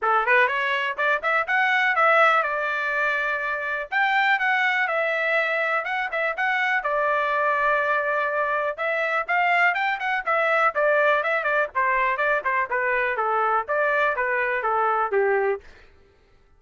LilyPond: \new Staff \with { instrumentName = "trumpet" } { \time 4/4 \tempo 4 = 123 a'8 b'8 cis''4 d''8 e''8 fis''4 | e''4 d''2. | g''4 fis''4 e''2 | fis''8 e''8 fis''4 d''2~ |
d''2 e''4 f''4 | g''8 fis''8 e''4 d''4 e''8 d''8 | c''4 d''8 c''8 b'4 a'4 | d''4 b'4 a'4 g'4 | }